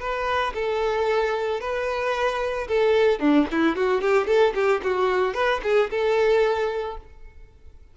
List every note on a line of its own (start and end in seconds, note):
0.00 0.54 B4
0.55 1.61 A4
1.61 2.68 B4
2.68 3.20 A4
3.20 3.47 D4
3.51 3.76 E4
3.76 4.01 F#4
4.01 4.27 G4
4.27 4.54 A4
4.55 4.81 G4
4.83 5.34 F#4
5.34 5.61 B4
5.63 5.90 G#4
5.91 6.98 A4